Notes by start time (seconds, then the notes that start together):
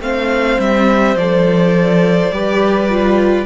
0.00 A3 C4 C5 F5
0.59 G3 E5
1.15 F3 A4 D5
2.31 G3 G4 B4
2.89 F4